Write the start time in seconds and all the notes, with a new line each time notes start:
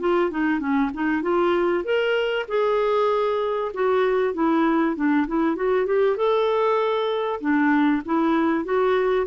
0.00 F4
0.31 D#4
0.60 C#4
0.94 D#4
1.23 F4
1.84 A#4
2.49 G#4
3.74 F#4
4.34 E4
4.96 D4
5.28 E4
5.56 F#4
5.87 G4
6.17 A4
7.41 D4
8.06 E4
8.65 F#4